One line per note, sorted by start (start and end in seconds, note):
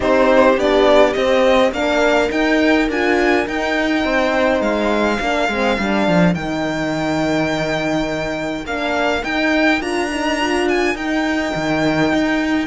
0.00 0.56 C4
0.00 0.56 D#4
0.00 1.73 G4
0.00 0.59 C5
0.56 1.14 B3
0.56 1.14 D4
0.56 1.13 D5
1.13 1.72 C4
1.13 1.71 C4
1.13 1.71 D#5
1.71 2.29 A#3
1.71 2.29 D4
1.71 4.04 A#4
1.71 2.30 F5
2.29 2.86 D#4
2.29 2.88 D#4
2.29 2.89 G5
2.88 3.46 D4
2.88 3.45 F4
2.88 3.47 G#5
3.45 5.18 D#4
3.45 4.04 D#4
3.45 4.61 G5
4.04 4.61 C4
4.04 5.20 C5
4.61 5.18 G#3
4.61 6.34 F5
5.20 5.48 A#3
5.20 5.50 D4
5.20 12.67 A#4
5.48 5.77 G#3
5.48 5.78 C4
5.78 6.07 G3
5.78 6.35 D4
6.07 6.34 F3
6.34 8.65 D#3
6.34 8.66 D#4
6.34 8.65 G5
8.65 9.23 A#3
8.65 9.21 D4
8.65 9.23 F5
9.21 9.79 D#4
9.21 9.81 D#4
9.21 9.81 G5
9.80 10.95 D4
9.80 10.09 F4
9.80 10.68 A#5
10.11 10.40 D#4
10.40 10.96 F4
10.68 10.96 G#5
10.95 11.52 D#4
10.95 12.67 D#4
10.95 12.67 G5
11.55 12.12 D#3
12.12 12.67 D#4